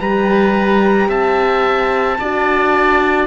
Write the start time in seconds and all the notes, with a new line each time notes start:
0.00 G3 G4 B4 A#5
1.08 C4 E5 A5
2.20 D4 F#4 D5